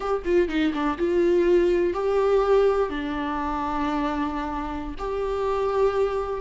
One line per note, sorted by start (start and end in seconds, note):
0.00 0.22 G4
0.24 0.48 F4
0.48 0.72 D#4
0.73 0.97 D4
0.98 1.93 F4
1.93 2.89 G4
2.89 4.95 D4
4.98 6.40 G4